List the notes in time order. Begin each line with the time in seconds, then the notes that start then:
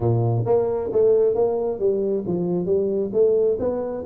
0.00 A#2
0.45 A#3
0.92 A3
1.35 A#3
1.79 G3
2.26 F3
2.65 G3
3.12 A3
3.59 B3